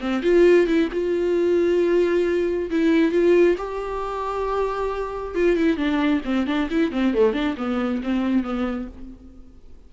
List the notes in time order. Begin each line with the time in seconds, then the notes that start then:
0.00 C4
0.22 F4
0.66 E4
0.92 F4
2.70 E4
3.11 F4
3.57 G4
5.34 F4
5.57 E4
5.76 D4
6.24 C4
6.46 D4
6.70 E4
6.91 C4
7.14 A3
7.33 D4
7.57 B3
8.03 C4
8.43 B3